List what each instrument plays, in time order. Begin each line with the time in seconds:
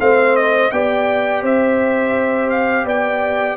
0.00 tuba A3, trombone C4, horn C5, trumpet F5
0.37 trumpet D#5
0.72 tuba B3, trombone G4, horn D5, trumpet G5
1.43 tuba C4, horn C5, trumpet E5
2.50 trumpet F5
2.85 tuba B3, horn D5, trumpet G5